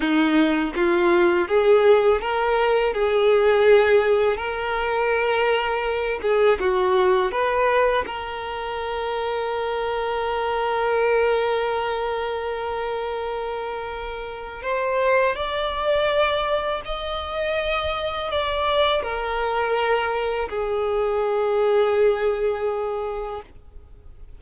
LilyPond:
\new Staff \with { instrumentName = "violin" } { \time 4/4 \tempo 4 = 82 dis'4 f'4 gis'4 ais'4 | gis'2 ais'2~ | ais'8 gis'8 fis'4 b'4 ais'4~ | ais'1~ |
ais'1 | c''4 d''2 dis''4~ | dis''4 d''4 ais'2 | gis'1 | }